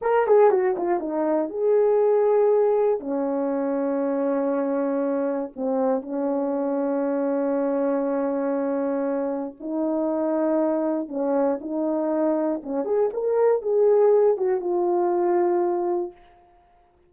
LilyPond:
\new Staff \with { instrumentName = "horn" } { \time 4/4 \tempo 4 = 119 ais'8 gis'8 fis'8 f'8 dis'4 gis'4~ | gis'2 cis'2~ | cis'2. c'4 | cis'1~ |
cis'2. dis'4~ | dis'2 cis'4 dis'4~ | dis'4 cis'8 gis'8 ais'4 gis'4~ | gis'8 fis'8 f'2. | }